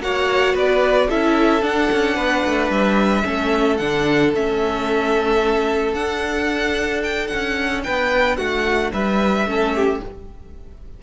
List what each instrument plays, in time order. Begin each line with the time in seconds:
0.00 cello A#3, viola F#4, violin C#5 F#5
0.54 cello B3, violin B4 D5
1.09 cello C#4, viola E4, violin A4 E5
1.61 viola D4, cello D4, violin F#5
1.92 cello C#4
2.15 cello B3, violin B4
2.46 cello A3
2.70 cello G3, violin E5
3.24 cello A3, viola C#4, violin A4
3.77 cello D3, viola D4, violin F#5
4.34 cello A3, viola C#4, violin E5
5.94 cello D4, viola D4, violin F#5
7.03 violin G5
7.27 cello C#4, violin F#5
7.84 cello B3, violin B4 G5
8.37 cello A3, violin F#4 F#5
8.93 cello G3, violin B4 E5
9.46 cello A3, viola C#4, violin A4
9.75 violin G4